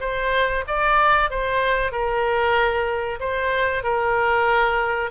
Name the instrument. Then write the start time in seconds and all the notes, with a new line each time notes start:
oboe
0.00 C5
0.67 D5
1.30 C5
1.91 A#4
3.19 C5
3.83 A#4